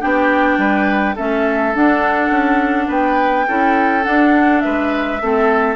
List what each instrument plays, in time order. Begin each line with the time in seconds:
0.00 bassoon B3, clarinet D4, oboe G4, flute G5
0.58 bassoon G3, oboe B4
1.15 bassoon A3, clarinet C#4, oboe A4, flute E5
1.74 clarinet D4, bassoon D4, flute F#5
2.30 bassoon C#4
2.88 bassoon B3, oboe B4, flute G5
3.47 bassoon C#4, clarinet E4, oboe A4
4.03 clarinet D4, bassoon D4, flute F#5
4.60 bassoon G#3, oboe B4, flute E5
5.21 bassoon A3, clarinet C4, oboe A4